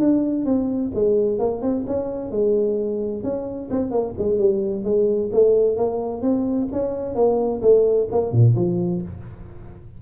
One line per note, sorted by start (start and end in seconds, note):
0.00 0.46 D4
0.46 0.92 C4
0.95 1.40 G#3
1.40 1.62 A#3
1.62 1.85 C4
1.87 2.31 C#4
2.31 3.24 G#3
3.24 3.70 C#4
3.71 3.91 C4
3.91 4.14 A#3
4.18 4.39 G#3
4.39 4.85 G3
4.85 5.31 G#3
5.33 5.77 A3
5.77 6.22 A#3
6.22 6.68 C4
6.73 7.15 C#4
7.15 7.62 A#3
7.62 8.08 A3
8.12 8.32 A#3
8.32 8.55 A#2
8.56 9.02 F3